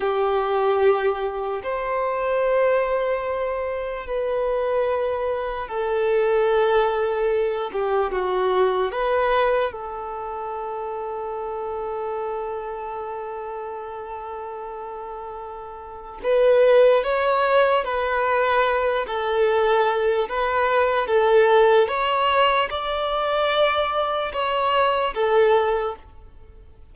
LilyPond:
\new Staff \with { instrumentName = "violin" } { \time 4/4 \tempo 4 = 74 g'2 c''2~ | c''4 b'2 a'4~ | a'4. g'8 fis'4 b'4 | a'1~ |
a'1 | b'4 cis''4 b'4. a'8~ | a'4 b'4 a'4 cis''4 | d''2 cis''4 a'4 | }